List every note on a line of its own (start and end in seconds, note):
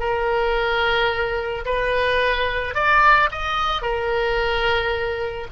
0.00 1.65 A#4
1.65 2.75 B4
2.75 3.30 D5
3.32 3.82 D#5
3.82 5.47 A#4